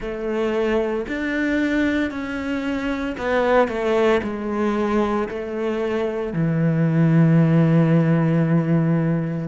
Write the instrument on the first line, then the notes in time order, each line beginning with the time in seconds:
cello
0.00 A3
1.08 D4
2.11 C#4
3.17 B3
3.68 A3
4.23 G#3
5.29 A3
6.33 E3